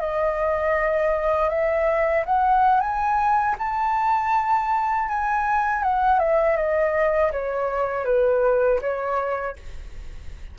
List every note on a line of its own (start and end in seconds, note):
0.00 1.49 D#5
1.49 2.24 E5
2.25 2.80 F#5
2.80 3.55 G#5
3.58 5.08 A5
5.08 5.83 G#5
5.83 6.19 F#5
6.19 6.56 E5
6.56 7.31 D#5
7.32 8.05 C#5
8.05 8.80 B4
8.81 9.56 C#5